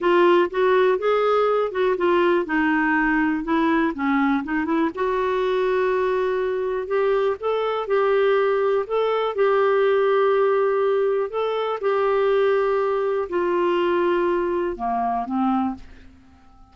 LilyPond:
\new Staff \with { instrumentName = "clarinet" } { \time 4/4 \tempo 4 = 122 f'4 fis'4 gis'4. fis'8 | f'4 dis'2 e'4 | cis'4 dis'8 e'8 fis'2~ | fis'2 g'4 a'4 |
g'2 a'4 g'4~ | g'2. a'4 | g'2. f'4~ | f'2 ais4 c'4 | }